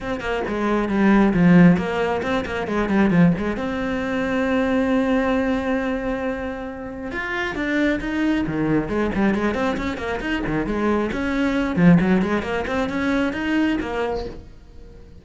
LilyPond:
\new Staff \with { instrumentName = "cello" } { \time 4/4 \tempo 4 = 135 c'8 ais8 gis4 g4 f4 | ais4 c'8 ais8 gis8 g8 f8 gis8 | c'1~ | c'1 |
f'4 d'4 dis'4 dis4 | gis8 g8 gis8 c'8 cis'8 ais8 dis'8 dis8 | gis4 cis'4. f8 fis8 gis8 | ais8 c'8 cis'4 dis'4 ais4 | }